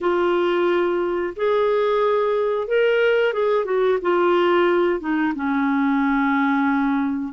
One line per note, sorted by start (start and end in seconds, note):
0.00 1.34 F4
1.35 2.67 G#4
2.67 3.33 A#4
3.33 3.65 G#4
3.65 3.98 F#4
4.02 5.00 F4
5.00 5.33 D#4
5.35 7.33 C#4